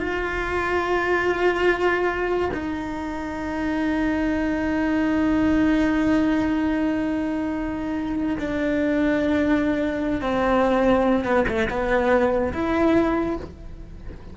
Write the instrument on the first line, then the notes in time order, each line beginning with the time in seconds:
cello
0.00 F4
2.54 D#4
8.39 D4
10.22 C4
11.25 B3
11.48 A3
11.70 B3
12.53 E4